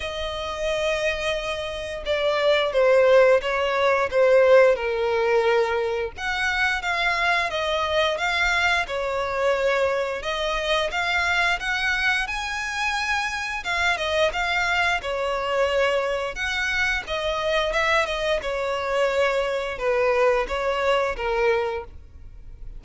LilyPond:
\new Staff \with { instrumentName = "violin" } { \time 4/4 \tempo 4 = 88 dis''2. d''4 | c''4 cis''4 c''4 ais'4~ | ais'4 fis''4 f''4 dis''4 | f''4 cis''2 dis''4 |
f''4 fis''4 gis''2 | f''8 dis''8 f''4 cis''2 | fis''4 dis''4 e''8 dis''8 cis''4~ | cis''4 b'4 cis''4 ais'4 | }